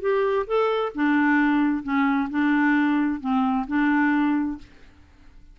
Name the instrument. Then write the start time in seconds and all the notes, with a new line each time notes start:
clarinet
0.00 G4
0.46 A4
0.95 D4
1.83 C#4
2.30 D4
3.20 C4
3.67 D4